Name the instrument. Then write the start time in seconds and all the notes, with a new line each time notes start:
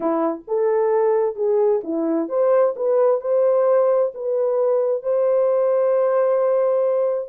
horn
0.00 E4
0.47 A4
1.35 G#4
1.83 E4
2.28 C5
2.76 B4
3.20 C5
4.14 B4
5.02 C5